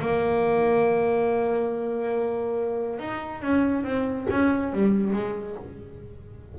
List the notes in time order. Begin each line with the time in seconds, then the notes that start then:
0.00 A#3
2.99 D#4
3.42 C#4
3.84 C4
4.30 C#4
4.73 G3
5.13 G#3